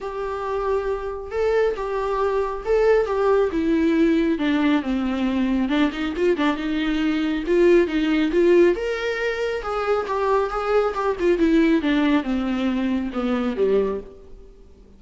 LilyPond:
\new Staff \with { instrumentName = "viola" } { \time 4/4 \tempo 4 = 137 g'2. a'4 | g'2 a'4 g'4 | e'2 d'4 c'4~ | c'4 d'8 dis'8 f'8 d'8 dis'4~ |
dis'4 f'4 dis'4 f'4 | ais'2 gis'4 g'4 | gis'4 g'8 f'8 e'4 d'4 | c'2 b4 g4 | }